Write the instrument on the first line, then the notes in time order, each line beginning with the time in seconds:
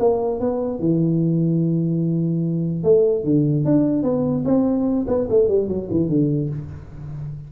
tuba
0.00 A#3
0.40 B3
0.80 E3
2.84 A3
3.24 D3
3.65 D4
4.03 B3
4.45 C4
5.08 B3
5.30 A3
5.49 G3
5.68 F#3
5.91 E3
6.09 D3